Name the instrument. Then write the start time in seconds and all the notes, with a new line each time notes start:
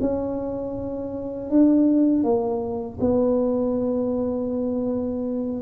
tuba
0.00 C#4
1.50 D4
2.23 A#3
3.00 B3